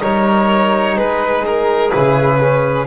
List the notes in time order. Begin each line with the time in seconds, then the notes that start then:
0.00 G3 D#4 A#4 C#5
0.96 G#3 G#4 B4
1.46 A#4
1.91 C#3 E4 B4
2.40 C#4